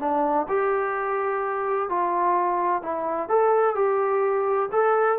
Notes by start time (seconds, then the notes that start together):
0.00 D4
0.49 G4
1.89 F4
2.83 E4
3.29 A4
3.76 G4
4.72 A4